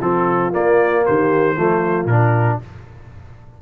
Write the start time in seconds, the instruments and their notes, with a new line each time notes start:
0.00 tuba F3, trombone C4, horn F4, trumpet A4
0.52 trombone A#3, tuba A#3, trumpet D5
1.06 tuba D#3, horn G4, trumpet C5
1.56 tuba F3, trombone A3, horn F4
2.05 tuba A#2, trombone D4, trumpet A#4